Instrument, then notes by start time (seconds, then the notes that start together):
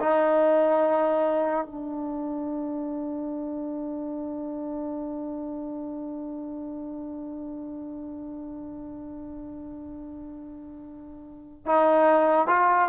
trombone
0.00 D#4
1.66 D4
11.66 D#4
12.47 F4